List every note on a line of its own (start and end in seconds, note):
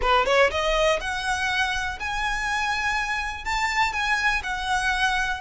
0.01 0.25 B4
0.25 0.50 C#5
0.50 0.99 D#5
1.00 1.98 F#5
1.99 3.44 G#5
3.44 3.93 A5
3.93 4.42 G#5
4.43 5.41 F#5